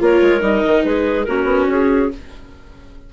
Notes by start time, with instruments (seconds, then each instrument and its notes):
0.00 bassoon A#3, viola F4, clarinet A#4 C#5
0.22 bassoon G#3
0.41 bassoon G3, viola D#4, clarinet D#5
0.66 bassoon D#3
0.84 bassoon G#3, clarinet G#4 B4
1.25 bassoon A#3, viola C#4, clarinet F#4 A#4
1.45 bassoon B3
1.68 bassoon C#4, clarinet G#4